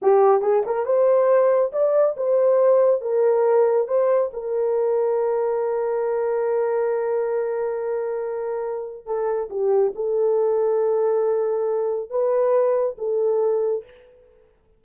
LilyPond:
\new Staff \with { instrumentName = "horn" } { \time 4/4 \tempo 4 = 139 g'4 gis'8 ais'8 c''2 | d''4 c''2 ais'4~ | ais'4 c''4 ais'2~ | ais'1~ |
ais'1~ | ais'4 a'4 g'4 a'4~ | a'1 | b'2 a'2 | }